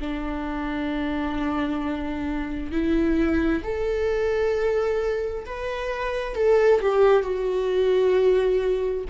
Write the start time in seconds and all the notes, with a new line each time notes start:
0.00 D4
2.71 E4
3.63 A4
5.45 B4
6.35 A4
6.81 G4
7.23 F#4